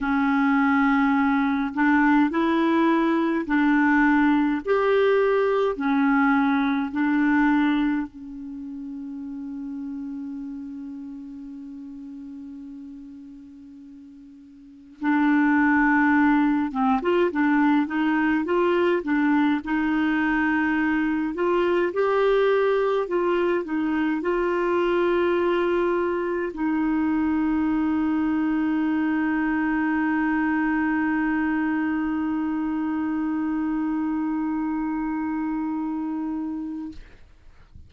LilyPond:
\new Staff \with { instrumentName = "clarinet" } { \time 4/4 \tempo 4 = 52 cis'4. d'8 e'4 d'4 | g'4 cis'4 d'4 cis'4~ | cis'1~ | cis'4 d'4. c'16 f'16 d'8 dis'8 |
f'8 d'8 dis'4. f'8 g'4 | f'8 dis'8 f'2 dis'4~ | dis'1~ | dis'1 | }